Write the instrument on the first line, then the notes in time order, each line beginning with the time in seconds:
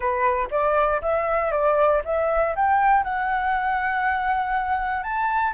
flute
0.00 B4
0.50 D5
1.01 E5
1.51 D5
2.04 E5
2.55 G5
3.03 F#5
5.03 A5